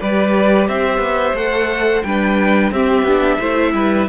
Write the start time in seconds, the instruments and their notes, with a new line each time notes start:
0.00 cello G3, viola G4, violin B4 D5
0.68 cello C4, violin C5 E5
0.98 cello B3
1.34 cello A3, viola A4, violin F#5
2.02 cello G3, viola D4, violin B4 G5
2.71 cello C4, viola C4, violin G4 E5
3.03 cello B3, viola D4
3.38 cello A3, viola E4, violin C5
3.73 cello G3, violin B4